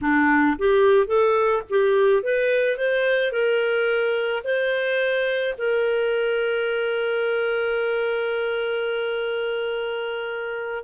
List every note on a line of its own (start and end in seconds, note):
0.01 0.57 D4
0.58 1.07 G4
1.07 1.62 A4
1.69 2.22 G4
2.22 2.77 B4
2.77 3.32 C5
3.32 4.43 A#4
4.43 5.55 C5
5.58 10.83 A#4